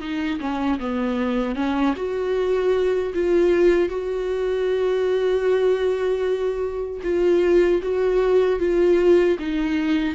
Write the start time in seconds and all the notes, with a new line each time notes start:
0.00 D#4
0.40 C#4
0.79 B3
1.55 C#4
1.96 F#4
3.14 F4
3.89 F#4
7.03 F4
7.82 F#4
8.59 F4
9.39 D#4